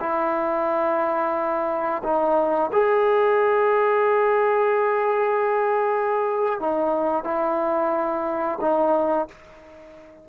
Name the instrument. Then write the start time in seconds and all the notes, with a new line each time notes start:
trombone
0.00 E4
2.03 D#4
2.72 G#4
6.60 D#4
7.24 E4
8.60 D#4